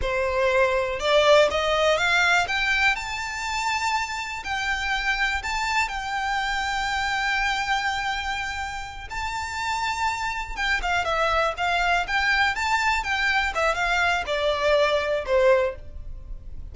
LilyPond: \new Staff \with { instrumentName = "violin" } { \time 4/4 \tempo 4 = 122 c''2 d''4 dis''4 | f''4 g''4 a''2~ | a''4 g''2 a''4 | g''1~ |
g''2~ g''8 a''4.~ | a''4. g''8 f''8 e''4 f''8~ | f''8 g''4 a''4 g''4 e''8 | f''4 d''2 c''4 | }